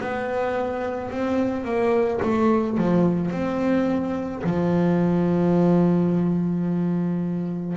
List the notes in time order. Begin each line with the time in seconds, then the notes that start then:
0.00 B3
1.10 C4
1.64 A#3
2.22 A3
2.77 F3
3.31 C4
4.43 F3